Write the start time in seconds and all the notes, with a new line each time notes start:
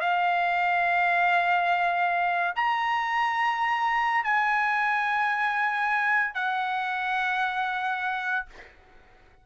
0.00 F5
2.55 A#5
4.24 G#5
6.34 F#5